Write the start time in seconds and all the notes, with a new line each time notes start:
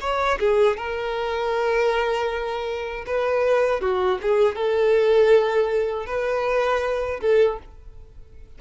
0.00 C#5
0.39 G#4
0.77 A#4
3.06 B4
3.80 F#4
4.22 G#4
4.55 A4
6.06 B4
7.20 A4